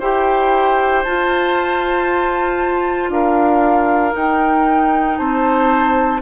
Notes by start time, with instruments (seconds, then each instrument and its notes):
0.00 bassoon E4, clarinet G4, oboe C5, flute G5
1.04 bassoon F4, clarinet F4, flute A5
3.09 bassoon D4, oboe A#4, flute F5
4.12 clarinet D#4, bassoon D#4, flute G5
5.18 bassoon C4, oboe C5, flute A5